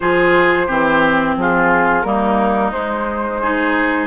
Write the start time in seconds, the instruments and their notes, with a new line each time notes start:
0.00 bassoon F3, clarinet F4, oboe G#4, flute C5
0.66 bassoon E3, clarinet C4, oboe G4
1.36 bassoon F3, oboe F4, flute G#4
2.02 bassoon G3, clarinet A#3, oboe D#4, flute A#4
2.71 clarinet G#3, bassoon G#3, flute C5
3.41 clarinet D#4, oboe G#4